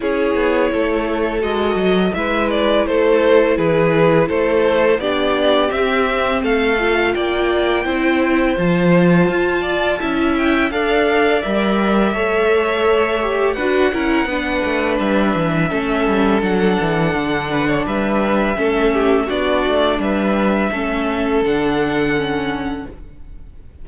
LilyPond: <<
  \new Staff \with { instrumentName = "violin" } { \time 4/4 \tempo 4 = 84 cis''2 dis''4 e''8 d''8 | c''4 b'4 c''4 d''4 | e''4 f''4 g''2 | a''2~ a''8 g''8 f''4 |
e''2. fis''4~ | fis''4 e''2 fis''4~ | fis''4 e''2 d''4 | e''2 fis''2 | }
  \new Staff \with { instrumentName = "violin" } { \time 4/4 gis'4 a'2 b'4 | a'4 gis'4 a'4 g'4~ | g'4 a'4 d''4 c''4~ | c''4. d''8 e''4 d''4~ |
d''4 cis''2 b'8 ais'8 | b'2 a'2~ | a'8 b'16 cis''16 b'4 a'8 g'8 fis'4 | b'4 a'2. | }
  \new Staff \with { instrumentName = "viola" } { \time 4/4 e'2 fis'4 e'4~ | e'2. d'4 | c'4. f'4. e'4 | f'2 e'4 a'4 |
ais'4 a'4. g'8 fis'8 e'8 | d'2 cis'4 d'4~ | d'2 cis'4 d'4~ | d'4 cis'4 d'4 cis'4 | }
  \new Staff \with { instrumentName = "cello" } { \time 4/4 cis'8 b8 a4 gis8 fis8 gis4 | a4 e4 a4 b4 | c'4 a4 ais4 c'4 | f4 f'4 cis'4 d'4 |
g4 a2 d'8 cis'8 | b8 a8 g8 e8 a8 g8 fis8 e8 | d4 g4 a4 b8 a8 | g4 a4 d2 | }
>>